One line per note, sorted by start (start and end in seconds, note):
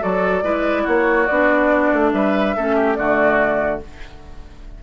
0.00 0.43 F#3
0.00 0.42 F#4
0.00 0.44 A4
0.00 0.88 D5
0.43 0.85 G#3
0.43 1.28 E4
0.43 0.83 B4
0.83 1.30 A#3
0.83 2.10 F#4
0.83 1.27 C#5
1.27 1.93 B3
1.27 2.58 D4
1.27 2.11 D5
1.93 2.14 A3
2.13 2.56 G3
2.13 2.57 B4
2.13 2.95 E5
2.57 2.98 A3
2.57 2.97 C#4
2.57 2.76 A4
2.76 2.97 G4
2.95 3.83 D3
2.95 3.82 A3
2.95 3.83 F#4
2.95 3.80 D5